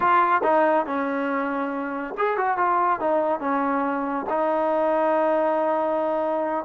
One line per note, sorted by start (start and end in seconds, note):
0.00 0.41 F4
0.43 0.86 D#4
0.86 2.14 C#4
2.17 2.37 G#4
2.37 2.57 F#4
2.57 3.00 F4
3.00 3.40 D#4
3.40 4.25 C#4
4.29 6.65 D#4